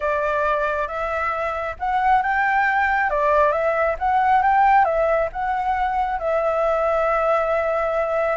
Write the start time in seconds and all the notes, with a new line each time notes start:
0.00 D5
0.87 E5
1.79 F#5
2.22 G5
3.10 D5
3.52 E5
3.98 F#5
4.42 G5
4.84 E5
5.32 F#5
6.19 E5